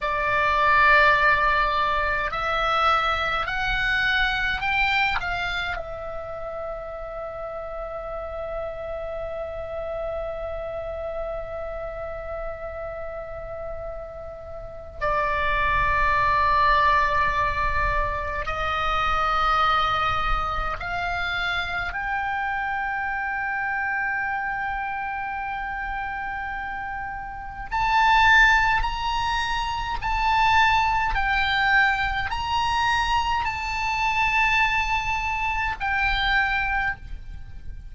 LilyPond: \new Staff \with { instrumentName = "oboe" } { \time 4/4 \tempo 4 = 52 d''2 e''4 fis''4 | g''8 f''8 e''2.~ | e''1~ | e''4 d''2. |
dis''2 f''4 g''4~ | g''1 | a''4 ais''4 a''4 g''4 | ais''4 a''2 g''4 | }